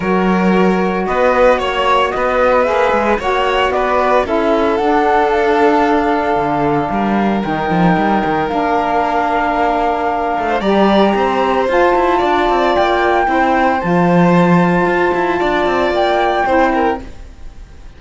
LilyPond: <<
  \new Staff \with { instrumentName = "flute" } { \time 4/4 \tempo 4 = 113 cis''2 dis''4 cis''4 | dis''4 e''4 fis''4 d''4 | e''4 fis''4 f''2~ | f''2 g''2 |
f''1 | ais''2 a''2 | g''2 a''2~ | a''2 g''2 | }
  \new Staff \with { instrumentName = "violin" } { \time 4/4 ais'2 b'4 cis''4 | b'2 cis''4 b'4 | a'1~ | a'4 ais'2.~ |
ais'2.~ ais'8. c''16 | d''4 c''2 d''4~ | d''4 c''2.~ | c''4 d''2 c''8 ais'8 | }
  \new Staff \with { instrumentName = "saxophone" } { \time 4/4 fis'1~ | fis'4 gis'4 fis'2 | e'4 d'2.~ | d'2 dis'2 |
d'1 | g'2 f'2~ | f'4 e'4 f'2~ | f'2. e'4 | }
  \new Staff \with { instrumentName = "cello" } { \time 4/4 fis2 b4 ais4 | b4 ais8 gis8 ais4 b4 | cis'4 d'2. | d4 g4 dis8 f8 g8 dis8 |
ais2.~ ais8 a8 | g4 c'4 f'8 e'8 d'8 c'8 | ais4 c'4 f2 | f'8 e'8 d'8 c'8 ais4 c'4 | }
>>